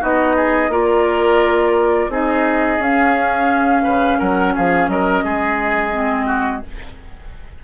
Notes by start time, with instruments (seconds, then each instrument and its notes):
0.00 bassoon B3, clarinet D#4, oboe F#4, flute D#5
0.35 oboe G#4
0.68 bassoon A#3, clarinet F4, oboe A#4, flute D5
2.08 bassoon C4, clarinet D#4, oboe G#4, flute D#5
2.78 bassoon C#4, clarinet C#4, flute F5
3.83 bassoon C#3, oboe B4
4.18 bassoon F#3, oboe A#4, flute F#5
4.55 bassoon F3, oboe G#4, flute F5
4.87 bassoon F#3, oboe A#4, flute D#5
5.24 bassoon G#3, oboe G#4
5.92 clarinet C4
6.26 oboe F#4